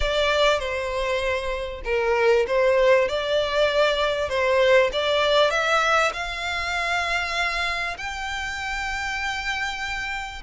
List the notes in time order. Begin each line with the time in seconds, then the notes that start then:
0.00 D5
0.59 C5
1.84 A#4
2.47 C5
3.08 D5
4.29 C5
4.92 D5
5.50 E5
6.13 F5
7.97 G5